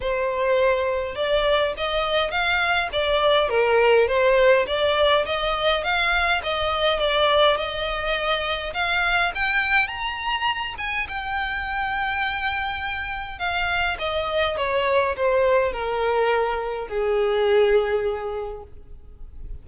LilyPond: \new Staff \with { instrumentName = "violin" } { \time 4/4 \tempo 4 = 103 c''2 d''4 dis''4 | f''4 d''4 ais'4 c''4 | d''4 dis''4 f''4 dis''4 | d''4 dis''2 f''4 |
g''4 ais''4. gis''8 g''4~ | g''2. f''4 | dis''4 cis''4 c''4 ais'4~ | ais'4 gis'2. | }